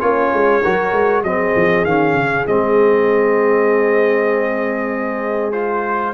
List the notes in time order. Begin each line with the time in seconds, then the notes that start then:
0.00 A#3 C#4 F4 C#5
0.33 G#3
0.62 F#3 F#4 A#4
0.92 G#3
1.23 F#3 C4 G#4 D#5
1.56 F3
1.84 D#3 C#4 F5
2.15 C#3
2.47 G#3 C4 D#5
5.52 F4 C5